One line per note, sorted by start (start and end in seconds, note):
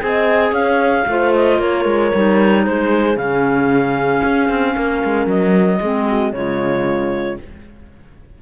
0.00 0.52 C4
0.00 1.05 G#4
0.00 0.52 D#5
0.00 0.54 G#5
0.52 1.04 C#4
0.52 1.05 C#5
0.52 1.32 F5
1.07 1.59 A3
1.07 2.13 F4
1.07 1.60 C5
1.34 1.61 D#5
1.59 1.85 A#3
1.59 2.63 A#4
1.59 2.65 C#5
1.85 2.11 G#3
2.13 2.66 G3
2.13 3.15 D#4
2.63 3.16 G#3
2.63 4.73 G#4
2.63 3.17 C5
3.15 4.22 C#3
3.15 5.78 C#4
3.15 5.27 F5
4.23 4.49 C#4
4.49 4.75 C4
4.75 5.03 A#3
4.75 5.80 A#4
5.04 5.27 G#3
5.27 5.79 F#3
5.27 6.33 D#5
5.81 6.33 G#3
5.81 6.33 C4
5.81 6.07 G#4
6.08 6.34 F#4
6.33 7.38 C#3
6.33 7.38 G#3
6.33 7.42 F4
6.33 7.38 C#5